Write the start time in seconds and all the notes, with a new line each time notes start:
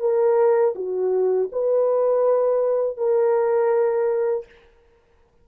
0.00 A#4
0.75 F#4
1.52 B4
2.97 A#4